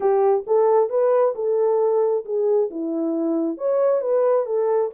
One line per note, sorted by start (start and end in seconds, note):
0.00 0.44 G4
0.46 0.89 A4
0.89 1.34 B4
1.35 2.24 A4
2.25 2.69 G#4
2.70 3.57 E4
3.57 4.01 C#5
4.01 4.46 B4
4.46 4.90 A4